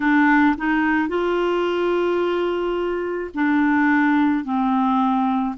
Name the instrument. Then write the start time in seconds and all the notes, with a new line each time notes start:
clarinet
0.00 D4
0.57 D#4
1.08 F4
3.34 D4
4.44 C4